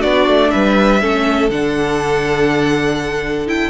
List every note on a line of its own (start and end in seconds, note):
0.00 0.28 B3
0.00 1.00 D4
0.00 0.49 F#4
0.00 0.51 D5
0.28 0.53 A3
0.51 1.03 G3
0.51 1.02 B4
0.51 1.49 E5
1.02 1.50 A3
1.02 1.51 C#4
1.02 3.71 A4
1.50 3.71 D3
1.50 3.47 D4
1.50 3.48 F#5
3.47 3.71 E4
3.47 3.71 G5